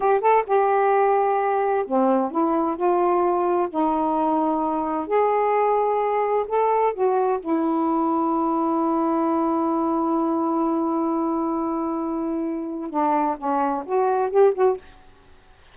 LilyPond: \new Staff \with { instrumentName = "saxophone" } { \time 4/4 \tempo 4 = 130 g'8 a'8 g'2. | c'4 e'4 f'2 | dis'2. gis'4~ | gis'2 a'4 fis'4 |
e'1~ | e'1~ | e'1 | d'4 cis'4 fis'4 g'8 fis'8 | }